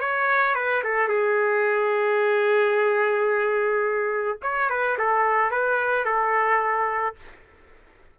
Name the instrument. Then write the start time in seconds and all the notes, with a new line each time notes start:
trumpet
0.00 C#5
0.55 B4
0.84 A4
1.08 G#4
4.42 C#5
4.69 B4
4.98 A4
5.51 B4
6.05 A4